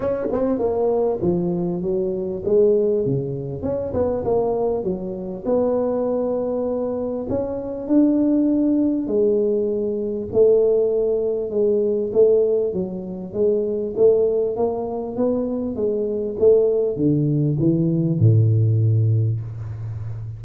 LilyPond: \new Staff \with { instrumentName = "tuba" } { \time 4/4 \tempo 4 = 99 cis'8 c'8 ais4 f4 fis4 | gis4 cis4 cis'8 b8 ais4 | fis4 b2. | cis'4 d'2 gis4~ |
gis4 a2 gis4 | a4 fis4 gis4 a4 | ais4 b4 gis4 a4 | d4 e4 a,2 | }